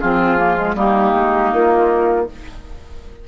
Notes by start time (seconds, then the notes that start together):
0.00 F3 C4 F4 G#4
0.38 A#3
0.56 G#3
0.75 G3 A#3 D#4 G4
1.15 G#3
1.53 A#3 F4